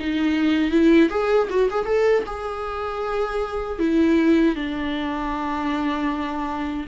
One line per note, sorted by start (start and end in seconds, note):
0.00 0.71 D#4
0.71 1.10 E4
1.10 1.49 G#4
1.50 1.70 F#4
1.71 1.86 G#4
1.86 2.24 A4
2.26 3.79 G#4
3.79 4.56 E4
4.56 6.86 D4